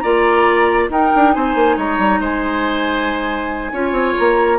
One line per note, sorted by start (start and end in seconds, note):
0.00 0.90 A#3
0.00 0.90 F4
0.00 0.90 D5
0.00 0.87 A#5
0.90 1.12 D#4
0.90 3.74 D#4
0.90 1.35 A#4
0.90 1.34 G5
1.16 1.36 D4
1.34 1.55 C4
1.34 1.77 C5
1.34 1.78 G#5
1.55 1.77 A#3
1.77 1.99 G#3
1.77 2.21 C#5
1.77 2.23 A#5
1.99 2.20 G3
2.20 3.72 G#3
2.20 3.73 C5
2.20 4.18 G#5
3.73 3.92 C#4
3.73 4.59 F4
3.73 4.59 C#5
3.92 4.14 C4
4.18 4.59 A#3
4.18 4.59 A#5